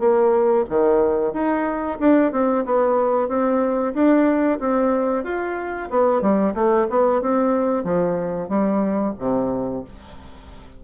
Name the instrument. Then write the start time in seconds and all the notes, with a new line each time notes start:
bassoon
0.00 A#3
0.70 D#3
1.34 D#4
2.00 D4
2.33 C4
2.66 B3
3.29 C4
3.95 D4
4.60 C4
5.25 F4
5.91 B3
6.22 G3
6.55 A3
6.90 B3
7.22 C4
7.84 F3
8.49 G3
9.19 C3